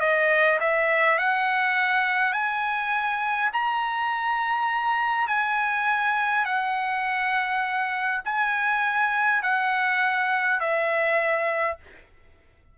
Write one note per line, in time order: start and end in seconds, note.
0.00 0.59 D#5
0.60 1.18 E5
1.18 2.33 F#5
2.33 3.50 G#5
3.53 5.27 A#5
5.27 6.45 G#5
6.45 8.21 F#5
8.25 9.42 G#5
9.42 10.60 F#5
10.60 11.77 E5